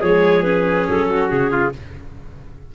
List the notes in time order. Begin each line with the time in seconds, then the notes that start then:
0.00 F3 G#3 G#4 C#5
0.43 C#4 B4
0.89 F#3 A4
1.10 F#4
1.29 C#3 G#4
1.52 F4